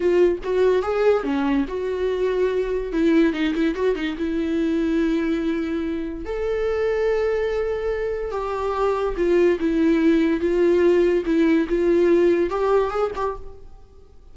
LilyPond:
\new Staff \with { instrumentName = "viola" } { \time 4/4 \tempo 4 = 144 f'4 fis'4 gis'4 cis'4 | fis'2. e'4 | dis'8 e'8 fis'8 dis'8 e'2~ | e'2. a'4~ |
a'1 | g'2 f'4 e'4~ | e'4 f'2 e'4 | f'2 g'4 gis'8 g'8 | }